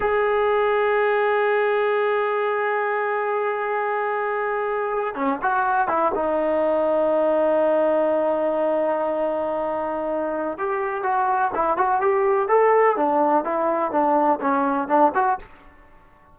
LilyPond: \new Staff \with { instrumentName = "trombone" } { \time 4/4 \tempo 4 = 125 gis'1~ | gis'1~ | gis'2~ gis'8. cis'8 fis'8.~ | fis'16 e'8 dis'2.~ dis'16~ |
dis'1~ | dis'2 g'4 fis'4 | e'8 fis'8 g'4 a'4 d'4 | e'4 d'4 cis'4 d'8 fis'8 | }